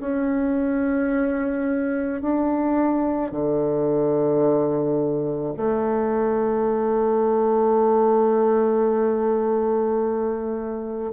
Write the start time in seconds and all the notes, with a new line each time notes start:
0.00 C#4
2.22 D4
3.31 D3
5.57 A3